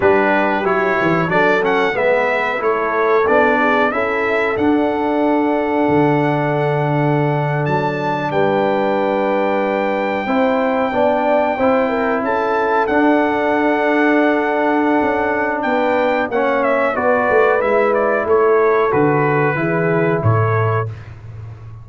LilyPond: <<
  \new Staff \with { instrumentName = "trumpet" } { \time 4/4 \tempo 4 = 92 b'4 cis''4 d''8 fis''8 e''4 | cis''4 d''4 e''4 fis''4~ | fis''2.~ fis''8. a''16~ | a''8. g''2.~ g''16~ |
g''2~ g''8. a''4 fis''16~ | fis''1 | g''4 fis''8 e''8 d''4 e''8 d''8 | cis''4 b'2 cis''4 | }
  \new Staff \with { instrumentName = "horn" } { \time 4/4 g'2 a'4 b'4 | a'4. gis'8 a'2~ | a'1~ | a'8. b'2. c''16~ |
c''8. d''4 c''8 ais'8 a'4~ a'16~ | a'1 | b'4 cis''4 b'2 | a'2 gis'4 a'4 | }
  \new Staff \with { instrumentName = "trombone" } { \time 4/4 d'4 e'4 d'8 cis'8 b4 | e'4 d'4 e'4 d'4~ | d'1~ | d'2.~ d'8. e'16~ |
e'8. d'4 e'2 d'16~ | d'1~ | d'4 cis'4 fis'4 e'4~ | e'4 fis'4 e'2 | }
  \new Staff \with { instrumentName = "tuba" } { \time 4/4 g4 fis8 e8 fis4 gis4 | a4 b4 cis'4 d'4~ | d'4 d2~ d8. fis16~ | fis8. g2. c'16~ |
c'8. b4 c'4 cis'4 d'16~ | d'2. cis'4 | b4 ais4 b8 a8 gis4 | a4 d4 e4 a,4 | }
>>